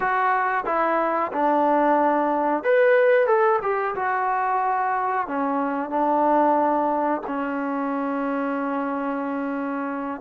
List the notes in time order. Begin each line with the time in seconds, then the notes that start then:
0.00 F#4
0.65 E4
1.32 D4
2.63 B4
3.26 A4
3.61 G4
3.95 F#4
5.27 C#4
5.90 D4
7.26 C#4